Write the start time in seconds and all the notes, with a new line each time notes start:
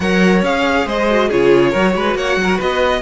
0.00 F#3 A#4 C#5 F#5
0.42 C#4 G#4 F5
0.86 G#3 C5 D#5
1.10 F#4
1.28 C#3 F4 G#4 C#5
1.70 F#3 A#4
1.77 F#4
1.95 G#3 B4
2.14 A#3 C#5 F#5
2.36 F#3
2.43 A#4
2.57 B3 B4 D#5